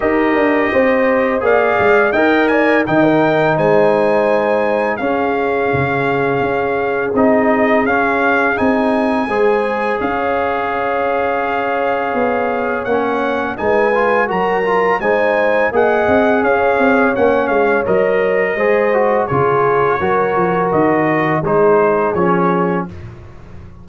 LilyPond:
<<
  \new Staff \with { instrumentName = "trumpet" } { \time 4/4 \tempo 4 = 84 dis''2 f''4 g''8 gis''8 | g''4 gis''2 f''4~ | f''2 dis''4 f''4 | gis''2 f''2~ |
f''2 fis''4 gis''4 | ais''4 gis''4 fis''4 f''4 | fis''8 f''8 dis''2 cis''4~ | cis''4 dis''4 c''4 cis''4 | }
  \new Staff \with { instrumentName = "horn" } { \time 4/4 ais'4 c''4 d''4 dis''8 d''8 | dis''16 ais'8. c''2 gis'4~ | gis'1~ | gis'4 c''4 cis''2~ |
cis''2. b'4 | ais'4 c''4 dis''4 cis''4~ | cis''2 c''4 gis'4 | ais'2 gis'2 | }
  \new Staff \with { instrumentName = "trombone" } { \time 4/4 g'2 gis'4 ais'4 | dis'2. cis'4~ | cis'2 dis'4 cis'4 | dis'4 gis'2.~ |
gis'2 cis'4 dis'8 f'8 | fis'8 f'8 dis'4 gis'2 | cis'4 ais'4 gis'8 fis'8 f'4 | fis'2 dis'4 cis'4 | }
  \new Staff \with { instrumentName = "tuba" } { \time 4/4 dis'8 d'8 c'4 ais8 gis8 dis'4 | dis4 gis2 cis'4 | cis4 cis'4 c'4 cis'4 | c'4 gis4 cis'2~ |
cis'4 b4 ais4 gis4 | fis4 gis4 ais8 c'8 cis'8 c'8 | ais8 gis8 fis4 gis4 cis4 | fis8 f8 dis4 gis4 f4 | }
>>